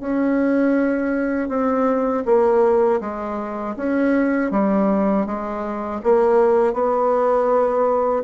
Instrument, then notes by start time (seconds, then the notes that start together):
bassoon
0.00 C#4
1.49 C4
2.25 A#3
3.00 G#3
3.76 C#4
4.51 G3
5.26 G#3
6.03 A#3
6.74 B3